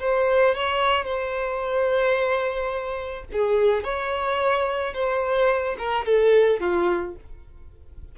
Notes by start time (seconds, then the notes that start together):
0.00 C5
0.55 C#5
1.05 C5
3.33 G#4
3.84 C#5
4.94 C5
5.78 A#4
6.05 A4
6.60 F4